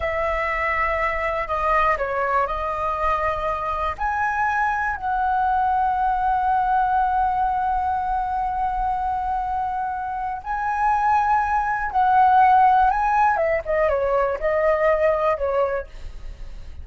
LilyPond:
\new Staff \with { instrumentName = "flute" } { \time 4/4 \tempo 4 = 121 e''2. dis''4 | cis''4 dis''2. | gis''2 fis''2~ | fis''1~ |
fis''1~ | fis''4 gis''2. | fis''2 gis''4 e''8 dis''8 | cis''4 dis''2 cis''4 | }